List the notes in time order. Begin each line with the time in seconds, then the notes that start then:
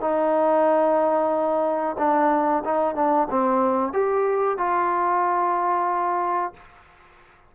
0.00 D#4
1.98 D4
2.64 D#4
2.95 D4
3.30 C4
3.93 G4
4.57 F4